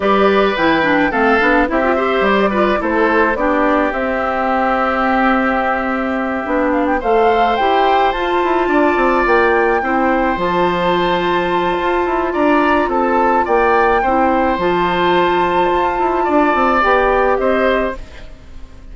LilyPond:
<<
  \new Staff \with { instrumentName = "flute" } { \time 4/4 \tempo 4 = 107 d''4 g''4 f''4 e''4 | d''4 c''4 d''4 e''4~ | e''1 | f''16 g''16 f''4 g''4 a''4.~ |
a''8 g''2 a''4.~ | a''2 ais''4 a''4 | g''2 a''2~ | a''2 g''4 dis''4 | }
  \new Staff \with { instrumentName = "oboe" } { \time 4/4 b'2 a'4 g'8 c''8~ | c''8 b'8 a'4 g'2~ | g'1~ | g'8 c''2. d''8~ |
d''4. c''2~ c''8~ | c''2 d''4 a'4 | d''4 c''2.~ | c''4 d''2 c''4 | }
  \new Staff \with { instrumentName = "clarinet" } { \time 4/4 g'4 e'8 d'8 c'8 d'8 e'16 f'16 g'8~ | g'8 f'8 e'4 d'4 c'4~ | c'2.~ c'8 d'8~ | d'8 a'4 g'4 f'4.~ |
f'4. e'4 f'4.~ | f'1~ | f'4 e'4 f'2~ | f'2 g'2 | }
  \new Staff \with { instrumentName = "bassoon" } { \time 4/4 g4 e4 a8 b8 c'4 | g4 a4 b4 c'4~ | c'2.~ c'8 b8~ | b8 a4 e'4 f'8 e'8 d'8 |
c'8 ais4 c'4 f4.~ | f4 f'8 e'8 d'4 c'4 | ais4 c'4 f2 | f'8 e'8 d'8 c'8 b4 c'4 | }
>>